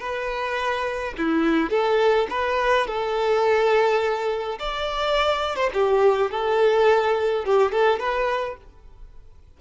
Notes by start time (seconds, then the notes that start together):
0.00 B4
1.18 E4
1.71 A4
2.30 B4
2.88 A4
4.60 D5
5.56 C5
5.74 G4
6.31 A4
7.45 G4
7.72 A4
8.00 B4